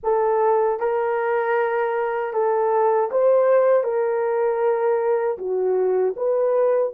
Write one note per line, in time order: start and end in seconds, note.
0.03 0.79 A4
0.79 2.33 A#4
2.33 3.10 A4
3.11 3.83 C5
3.83 5.37 A#4
5.38 6.15 F#4
6.16 6.93 B4